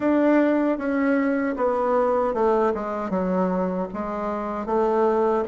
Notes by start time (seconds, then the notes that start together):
0.00 D4
0.78 C#4
1.56 B3
2.33 A3
2.74 G#3
3.10 F#3
3.94 G#3
4.65 A3